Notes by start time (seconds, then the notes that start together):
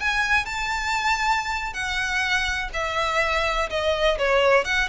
0.00 G#5
0.46 A5
1.73 F#5
2.74 E5
3.70 D#5
4.18 C#5
4.65 F#5